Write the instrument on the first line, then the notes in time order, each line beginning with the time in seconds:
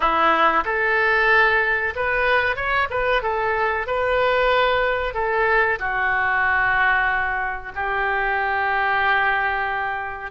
oboe
0.00 E4
0.65 A4
1.95 B4
2.55 C#5
2.90 B4
3.22 A4
3.87 B4
5.14 A4
5.79 F#4
7.75 G4